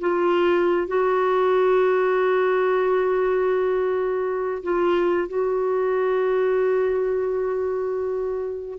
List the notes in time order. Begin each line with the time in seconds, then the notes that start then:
0.00 F4
0.87 F#4
4.63 F4
5.28 F#4